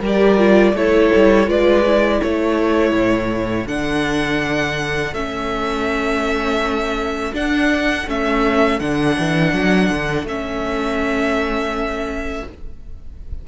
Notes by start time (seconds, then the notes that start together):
0.00 G3 G4 A#4
0.07 D5
0.38 F4
0.74 A3 E4 A4 C#5
1.15 G3
1.47 G#3 F4 B4 D5
1.86 E4
2.21 A3 A4 C#5
2.92 A2
3.67 D3 D4 F#5
5.13 A3 C#4 E5
7.34 D4 F#5
8.07 A3 C#4 E5
8.80 D3 D4 F#5
9.19 E3
9.53 F#3
9.90 D3
10.24 A3 C#4 E5